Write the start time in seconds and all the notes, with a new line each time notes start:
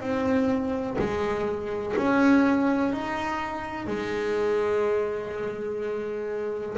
0.00 C4
0.98 G#3
1.97 C#4
2.93 D#4
3.87 G#3